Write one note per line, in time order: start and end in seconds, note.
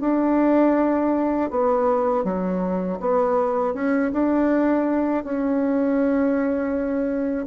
0.00 1.50 D4
1.50 2.24 B3
2.24 2.99 F#3
3.00 3.74 B3
3.74 4.11 C#4
4.12 5.24 D4
5.24 7.46 C#4